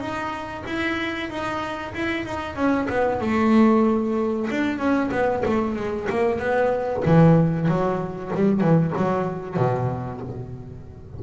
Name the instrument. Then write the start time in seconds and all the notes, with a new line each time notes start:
double bass
0.00 D#4
0.67 E4
1.30 D#4
1.95 E4
2.26 D#4
2.56 C#4
2.89 B3
3.21 A3
4.51 D4
4.78 C#4
5.11 B3
5.45 A3
5.76 G#3
6.10 A#3
6.39 B3
7.05 E3
7.68 F#3
8.35 G3
8.61 E3
8.97 F#3
9.57 B2